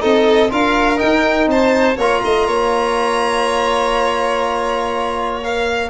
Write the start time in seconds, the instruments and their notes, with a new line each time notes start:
0.00 tuba C4, trombone D#4, violin A4 D#5
0.49 tuba D4, trombone F4, violin A#4 F5
0.97 trombone D#4, violin G5
1.03 tuba D#4
1.47 tuba C4, violin C5 A5
1.97 tuba A#3, trombone F4, violin C#5 A#5
2.24 tuba A3, violin D#5
2.47 tuba A#3, violin C#5
5.43 trombone A#4, violin F5